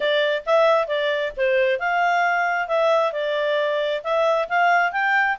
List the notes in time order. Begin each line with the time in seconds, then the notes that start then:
0.00 D5
0.46 E5
0.87 D5
1.36 C5
1.79 F5
2.68 E5
3.12 D5
4.03 E5
4.48 F5
4.92 G5